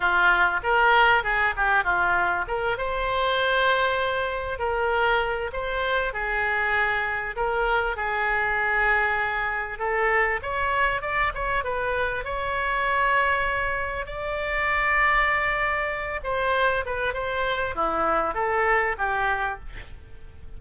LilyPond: \new Staff \with { instrumentName = "oboe" } { \time 4/4 \tempo 4 = 98 f'4 ais'4 gis'8 g'8 f'4 | ais'8 c''2. ais'8~ | ais'4 c''4 gis'2 | ais'4 gis'2. |
a'4 cis''4 d''8 cis''8 b'4 | cis''2. d''4~ | d''2~ d''8 c''4 b'8 | c''4 e'4 a'4 g'4 | }